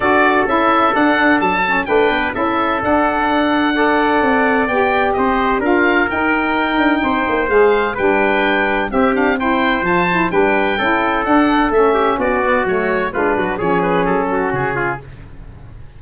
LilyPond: <<
  \new Staff \with { instrumentName = "oboe" } { \time 4/4 \tempo 4 = 128 d''4 e''4 fis''4 a''4 | g''4 e''4 fis''2~ | fis''2 g''4 dis''4 | f''4 g''2. |
f''4 g''2 e''8 f''8 | g''4 a''4 g''2 | fis''4 e''4 d''4 cis''4 | b'4 cis''8 b'8 a'4 gis'4 | }
  \new Staff \with { instrumentName = "trumpet" } { \time 4/4 a'1 | b'4 a'2. | d''2. c''4 | ais'2. c''4~ |
c''4 b'2 g'4 | c''2 b'4 a'4~ | a'4. g'8 fis'2 | f'8 fis'8 gis'4. fis'4 f'8 | }
  \new Staff \with { instrumentName = "saxophone" } { \time 4/4 fis'4 e'4 d'4. cis'8 | d'4 e'4 d'2 | a'2 g'2 | f'4 dis'2. |
gis'4 d'2 c'8 d'8 | e'4 f'8 e'8 d'4 e'4 | d'4 cis'4. b8 a4 | d'4 cis'2. | }
  \new Staff \with { instrumentName = "tuba" } { \time 4/4 d'4 cis'4 d'4 fis4 | a8 b8 cis'4 d'2~ | d'4 c'4 b4 c'4 | d'4 dis'4. d'8 c'8 ais8 |
gis4 g2 c'4~ | c'4 f4 g4 cis'4 | d'4 a4 b4 fis4 | gis8 fis8 f4 fis4 cis4 | }
>>